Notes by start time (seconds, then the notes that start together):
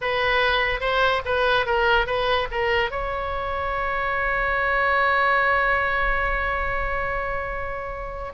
0.01 B4
0.80 C5
1.25 B4
1.66 A#4
2.06 B4
2.51 A#4
2.91 C#5